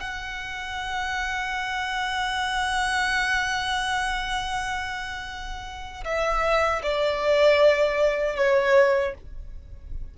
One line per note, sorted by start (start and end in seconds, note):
0.00 6.04 F#5
6.04 6.82 E5
6.83 8.36 D5
8.36 9.14 C#5